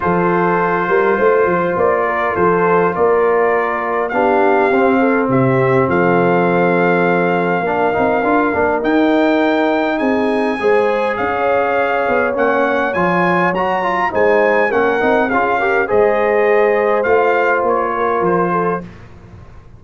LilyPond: <<
  \new Staff \with { instrumentName = "trumpet" } { \time 4/4 \tempo 4 = 102 c''2. d''4 | c''4 d''2 f''4~ | f''4 e''4 f''2~ | f''2. g''4~ |
g''4 gis''2 f''4~ | f''4 fis''4 gis''4 ais''4 | gis''4 fis''4 f''4 dis''4~ | dis''4 f''4 cis''4 c''4 | }
  \new Staff \with { instrumentName = "horn" } { \time 4/4 a'4. ais'8 c''4. ais'8 | a'4 ais'2 g'4~ | g'8 a'8 g'4 a'2~ | a'4 ais'2.~ |
ais'4 gis'4 c''4 cis''4~ | cis''1 | c''4 ais'4 gis'8 ais'8 c''4~ | c''2~ c''8 ais'4 a'8 | }
  \new Staff \with { instrumentName = "trombone" } { \time 4/4 f'1~ | f'2. d'4 | c'1~ | c'4 d'8 dis'8 f'8 d'8 dis'4~ |
dis'2 gis'2~ | gis'4 cis'4 f'4 fis'8 f'8 | dis'4 cis'8 dis'8 f'8 g'8 gis'4~ | gis'4 f'2. | }
  \new Staff \with { instrumentName = "tuba" } { \time 4/4 f4. g8 a8 f8 ais4 | f4 ais2 b4 | c'4 c4 f2~ | f4 ais8 c'8 d'8 ais8 dis'4~ |
dis'4 c'4 gis4 cis'4~ | cis'8 b8 ais4 f4 fis4 | gis4 ais8 c'8 cis'4 gis4~ | gis4 a4 ais4 f4 | }
>>